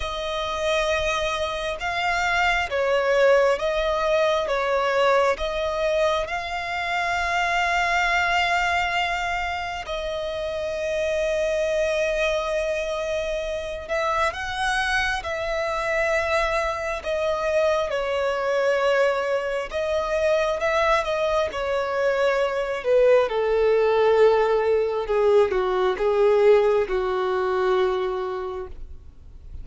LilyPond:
\new Staff \with { instrumentName = "violin" } { \time 4/4 \tempo 4 = 67 dis''2 f''4 cis''4 | dis''4 cis''4 dis''4 f''4~ | f''2. dis''4~ | dis''2.~ dis''8 e''8 |
fis''4 e''2 dis''4 | cis''2 dis''4 e''8 dis''8 | cis''4. b'8 a'2 | gis'8 fis'8 gis'4 fis'2 | }